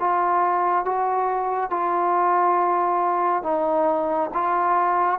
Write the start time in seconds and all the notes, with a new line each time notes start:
0.00 F4
0.85 F#4
1.70 F4
3.43 D#4
4.34 F4